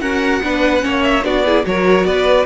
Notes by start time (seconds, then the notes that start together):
0.00 C#4 F#4 A#4 F#5
0.43 B3 D4 B4
0.81 A#3 C#4 C#5
1.02 E5
1.23 B3 D4 F#4 D5
1.45 E4 G#4
1.63 F#3 F#4 A#4 C#5
2.04 B3 B4 D5